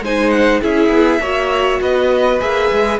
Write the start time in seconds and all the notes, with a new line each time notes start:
0.00 G#3 D#4 C5 G#5
0.30 F#5
0.61 C#4 E4 G#4 E5
0.89 B3
1.20 A#3 F#4 C#5
1.81 B3 B4 D#5
2.40 A#3 G#4 E5
2.71 G#3